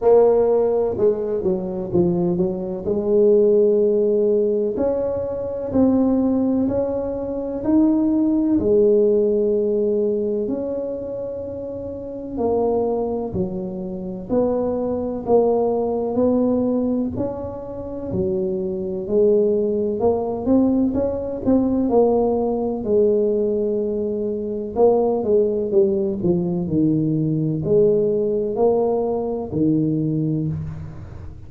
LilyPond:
\new Staff \with { instrumentName = "tuba" } { \time 4/4 \tempo 4 = 63 ais4 gis8 fis8 f8 fis8 gis4~ | gis4 cis'4 c'4 cis'4 | dis'4 gis2 cis'4~ | cis'4 ais4 fis4 b4 |
ais4 b4 cis'4 fis4 | gis4 ais8 c'8 cis'8 c'8 ais4 | gis2 ais8 gis8 g8 f8 | dis4 gis4 ais4 dis4 | }